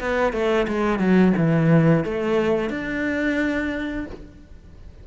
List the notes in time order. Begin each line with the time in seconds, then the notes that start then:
0.00 B3
0.33 A3
0.68 G#3
0.99 F#3
1.37 E3
2.04 A3
2.70 D4